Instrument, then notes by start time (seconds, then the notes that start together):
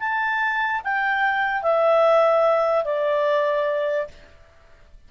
clarinet
0.00 A5
0.84 G5
1.63 E5
2.85 D5